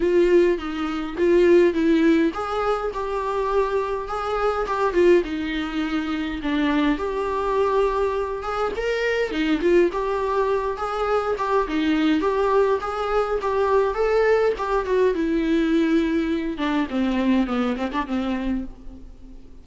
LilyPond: \new Staff \with { instrumentName = "viola" } { \time 4/4 \tempo 4 = 103 f'4 dis'4 f'4 e'4 | gis'4 g'2 gis'4 | g'8 f'8 dis'2 d'4 | g'2~ g'8 gis'8 ais'4 |
dis'8 f'8 g'4. gis'4 g'8 | dis'4 g'4 gis'4 g'4 | a'4 g'8 fis'8 e'2~ | e'8 d'8 c'4 b8 c'16 d'16 c'4 | }